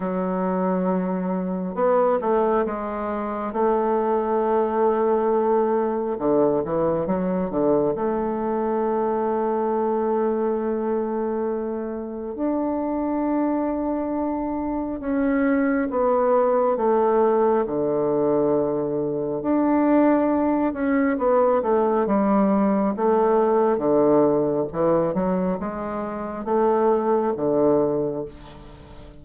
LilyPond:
\new Staff \with { instrumentName = "bassoon" } { \time 4/4 \tempo 4 = 68 fis2 b8 a8 gis4 | a2. d8 e8 | fis8 d8 a2.~ | a2 d'2~ |
d'4 cis'4 b4 a4 | d2 d'4. cis'8 | b8 a8 g4 a4 d4 | e8 fis8 gis4 a4 d4 | }